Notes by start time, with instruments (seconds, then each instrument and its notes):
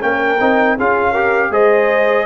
0.00 tuba A#3, trombone C#4, horn A#4, trumpet G5
0.40 tuba C4, trombone D#4
0.78 tuba C#4, trombone F4, horn G#4, trumpet F5
1.11 trombone G4, horn A#4
1.50 tuba G#3, trombone G#4, horn C5, trumpet D#5